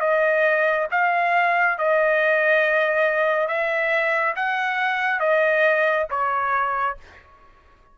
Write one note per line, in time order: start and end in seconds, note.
0.00 0.87 D#5
0.91 1.78 F5
1.78 3.47 D#5
3.47 4.34 E5
4.35 5.19 F#5
5.19 6.06 D#5
6.10 6.97 C#5